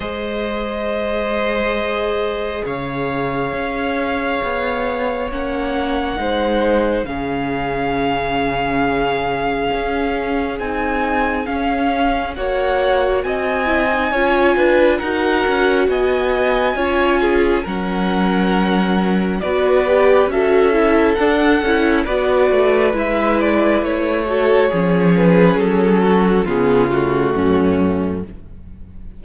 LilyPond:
<<
  \new Staff \with { instrumentName = "violin" } { \time 4/4 \tempo 4 = 68 dis''2. f''4~ | f''2 fis''2 | f''1 | gis''4 f''4 fis''4 gis''4~ |
gis''4 fis''4 gis''2 | fis''2 d''4 e''4 | fis''4 d''4 e''8 d''8 cis''4~ | cis''8 b'8 a'4 gis'8 fis'4. | }
  \new Staff \with { instrumentName = "violin" } { \time 4/4 c''2. cis''4~ | cis''2. c''4 | gis'1~ | gis'2 cis''4 dis''4 |
cis''8 b'8 ais'4 dis''4 cis''8 gis'8 | ais'2 b'4 a'4~ | a'4 b'2~ b'8 a'8 | gis'4. fis'8 f'4 cis'4 | }
  \new Staff \with { instrumentName = "viola" } { \time 4/4 gis'1~ | gis'2 cis'4 dis'4 | cis'1 | dis'4 cis'4 fis'4. e'16 dis'16 |
f'4 fis'2 f'4 | cis'2 fis'8 g'8 fis'8 e'8 | d'8 e'8 fis'4 e'4. fis'8 | cis'2 b8 a4. | }
  \new Staff \with { instrumentName = "cello" } { \time 4/4 gis2. cis4 | cis'4 b4 ais4 gis4 | cis2. cis'4 | c'4 cis'4 ais4 c'4 |
cis'8 d'8 dis'8 cis'8 b4 cis'4 | fis2 b4 cis'4 | d'8 cis'8 b8 a8 gis4 a4 | f4 fis4 cis4 fis,4 | }
>>